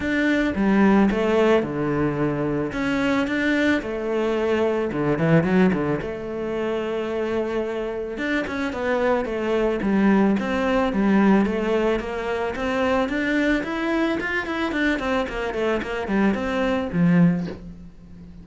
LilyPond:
\new Staff \with { instrumentName = "cello" } { \time 4/4 \tempo 4 = 110 d'4 g4 a4 d4~ | d4 cis'4 d'4 a4~ | a4 d8 e8 fis8 d8 a4~ | a2. d'8 cis'8 |
b4 a4 g4 c'4 | g4 a4 ais4 c'4 | d'4 e'4 f'8 e'8 d'8 c'8 | ais8 a8 ais8 g8 c'4 f4 | }